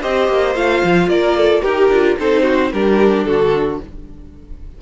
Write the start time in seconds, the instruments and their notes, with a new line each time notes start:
0.00 cello C4, viola G4, violin C5 D#5
0.28 cello A#3
0.55 cello A3, viola F4, violin F5
0.83 cello F3
1.07 cello A#3, violin A#4 D5
1.37 violin A4
1.62 cello D#4, viola G4, violin G4 A#4
1.89 cello D4, viola F4
2.18 cello C4, viola D#4, violin A4 C5
2.43 violin F#4
2.72 cello G3, viola D4, violin G4 A#4
3.24 cello D3, violin F#4 A4